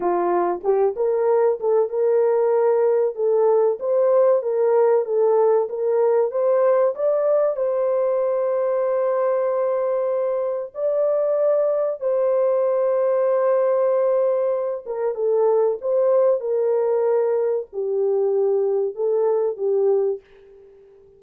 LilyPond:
\new Staff \with { instrumentName = "horn" } { \time 4/4 \tempo 4 = 95 f'4 g'8 ais'4 a'8 ais'4~ | ais'4 a'4 c''4 ais'4 | a'4 ais'4 c''4 d''4 | c''1~ |
c''4 d''2 c''4~ | c''2.~ c''8 ais'8 | a'4 c''4 ais'2 | g'2 a'4 g'4 | }